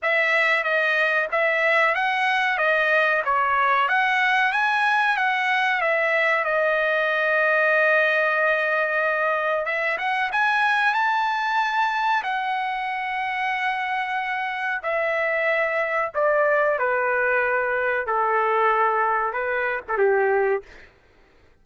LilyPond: \new Staff \with { instrumentName = "trumpet" } { \time 4/4 \tempo 4 = 93 e''4 dis''4 e''4 fis''4 | dis''4 cis''4 fis''4 gis''4 | fis''4 e''4 dis''2~ | dis''2. e''8 fis''8 |
gis''4 a''2 fis''4~ | fis''2. e''4~ | e''4 d''4 b'2 | a'2 b'8. a'16 g'4 | }